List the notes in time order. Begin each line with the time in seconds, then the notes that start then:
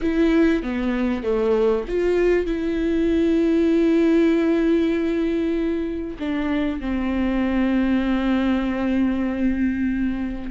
0.01 E4
0.62 B3
1.23 A3
1.88 F4
2.46 E4
6.19 D4
6.80 C4